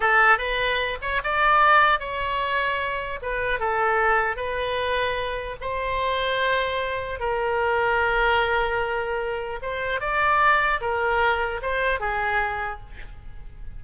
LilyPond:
\new Staff \with { instrumentName = "oboe" } { \time 4/4 \tempo 4 = 150 a'4 b'4. cis''8 d''4~ | d''4 cis''2. | b'4 a'2 b'4~ | b'2 c''2~ |
c''2 ais'2~ | ais'1 | c''4 d''2 ais'4~ | ais'4 c''4 gis'2 | }